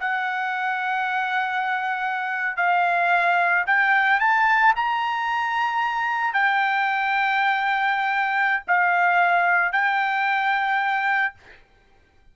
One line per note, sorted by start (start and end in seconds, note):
0.00 2.57 F#5
2.57 3.65 F5
3.67 4.20 G5
4.20 4.74 A5
4.76 6.34 A#5
6.34 8.63 G5
8.68 9.72 F5
9.72 11.34 G5